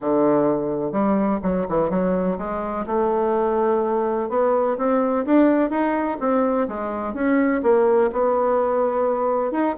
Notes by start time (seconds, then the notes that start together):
0.00 D3
0.92 G3
1.42 F#3
1.69 E3
1.90 F#3
2.38 G#3
2.86 A3
4.29 B3
4.77 C4
5.25 D4
5.69 D#4
6.20 C4
6.68 G#3
7.14 C#4
7.63 A#3
8.12 B3
9.51 D#4